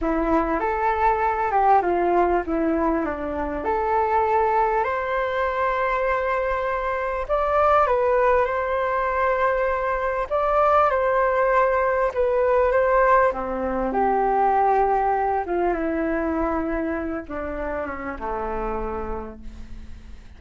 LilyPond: \new Staff \with { instrumentName = "flute" } { \time 4/4 \tempo 4 = 99 e'4 a'4. g'8 f'4 | e'4 d'4 a'2 | c''1 | d''4 b'4 c''2~ |
c''4 d''4 c''2 | b'4 c''4 c'4 g'4~ | g'4. f'8 e'2~ | e'8 d'4 cis'8 a2 | }